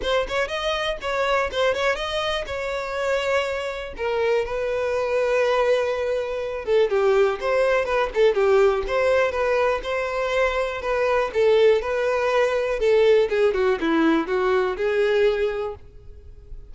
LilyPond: \new Staff \with { instrumentName = "violin" } { \time 4/4 \tempo 4 = 122 c''8 cis''8 dis''4 cis''4 c''8 cis''8 | dis''4 cis''2. | ais'4 b'2.~ | b'4. a'8 g'4 c''4 |
b'8 a'8 g'4 c''4 b'4 | c''2 b'4 a'4 | b'2 a'4 gis'8 fis'8 | e'4 fis'4 gis'2 | }